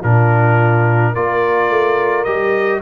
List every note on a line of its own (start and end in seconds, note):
0.00 1.16 A#2
0.00 1.14 D4
0.00 1.12 F4
0.00 1.15 A#4
1.13 1.69 A#3
1.13 2.26 F4
1.13 2.81 A#4
1.13 2.24 D5
1.69 2.25 A3
2.24 2.81 G3
2.24 2.81 G4
2.24 2.80 D#5